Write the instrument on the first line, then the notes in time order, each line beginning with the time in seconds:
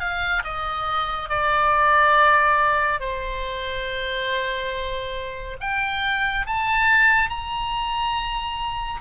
oboe
0.00 F5
0.44 D#5
1.29 D5
3.00 C5
5.61 G5
6.47 A5
7.30 A#5